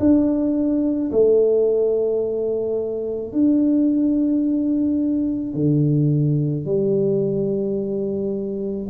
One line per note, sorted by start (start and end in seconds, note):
0.00 1.11 D4
1.12 3.33 A3
3.33 5.55 D4
5.55 6.66 D3
6.66 8.88 G3